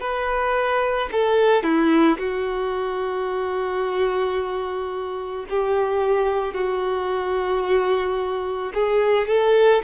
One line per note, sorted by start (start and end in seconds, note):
0.00 1.09 B4
1.12 1.63 A4
1.63 2.18 E4
2.18 5.45 F#4
5.49 6.54 G4
6.54 8.72 F#4
8.74 9.27 G#4
9.27 9.82 A4